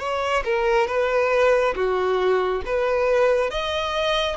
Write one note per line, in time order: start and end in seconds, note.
0.00 0.43 C#5
0.45 0.88 A#4
0.88 1.75 B4
1.75 2.62 F#4
2.66 3.51 B4
3.51 4.37 D#5